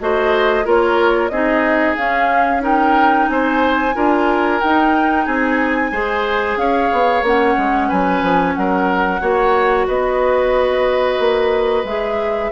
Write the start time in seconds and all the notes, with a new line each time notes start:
0.00 A3 F#4 C5 D#5
0.64 A#3 F4 A#4 C#5
1.29 C4 D#4 G#4 D#5
1.97 C#4 F5
2.61 D#4 A#4 G5
3.29 C4 C5 G#5
3.95 D4 F4 A#4
4.61 D#4 G5
5.25 C4 G#4 G#5
5.92 G#3 G#4 C5
6.57 C#4 C#5 F5
6.92 B3
7.23 A#3 C#4 F#5
7.57 G#3
7.88 F#3 B4 G#5
8.22 F3
8.55 F#3 A#4 F#5
9.20 A#3 F#4 C#5
9.88 B3 B4 D#5
11.19 A#3
11.84 G#3 G#4 E5